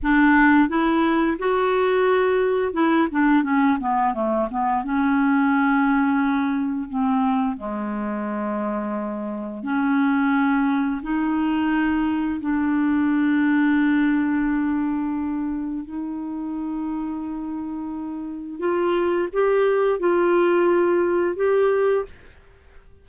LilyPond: \new Staff \with { instrumentName = "clarinet" } { \time 4/4 \tempo 4 = 87 d'4 e'4 fis'2 | e'8 d'8 cis'8 b8 a8 b8 cis'4~ | cis'2 c'4 gis4~ | gis2 cis'2 |
dis'2 d'2~ | d'2. dis'4~ | dis'2. f'4 | g'4 f'2 g'4 | }